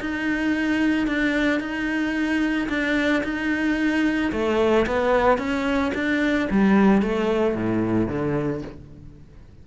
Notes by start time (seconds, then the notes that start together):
0.00 D#4
1.07 D4
1.60 D#4
2.68 D4
3.23 D#4
4.31 A3
4.86 B3
5.38 C#4
5.94 D4
6.50 G3
7.02 A3
7.55 A2
8.08 D3